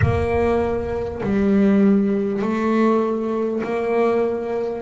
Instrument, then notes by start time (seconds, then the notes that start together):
double bass
0.01 A#3
1.23 G3
2.42 A3
3.63 A#3